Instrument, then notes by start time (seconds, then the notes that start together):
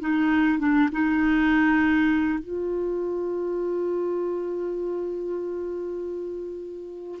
clarinet
0.00 D#4
0.58 D4
0.92 D#4
2.39 F4